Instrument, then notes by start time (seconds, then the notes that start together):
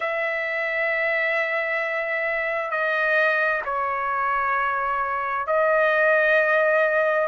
trumpet
0.00 E5
2.70 D#5
3.65 C#5
5.46 D#5